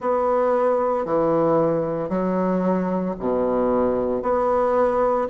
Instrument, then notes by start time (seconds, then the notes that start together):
bassoon
0.00 B3
1.05 E3
2.09 F#3
3.19 B2
4.22 B3